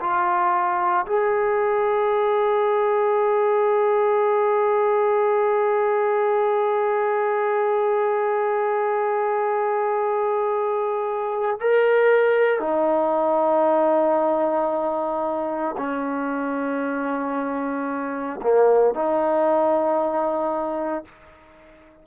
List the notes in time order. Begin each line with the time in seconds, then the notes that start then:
0.00 F4
1.06 G#4
11.60 A#4
12.60 D#4
15.77 C#4
18.42 A#3
18.94 D#4